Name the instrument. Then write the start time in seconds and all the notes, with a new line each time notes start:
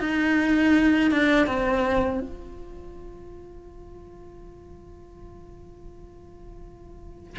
cello
0.00 D#4
1.11 D4
1.47 C4
2.21 F4